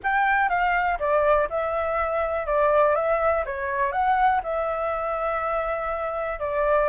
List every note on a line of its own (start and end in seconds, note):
0.03 0.49 G5
0.49 0.98 F5
0.99 1.48 D5
1.49 2.46 E5
2.46 2.95 D5
2.95 3.44 E5
3.45 3.92 C#5
3.92 4.41 F#5
4.43 6.39 E5
6.39 6.88 D5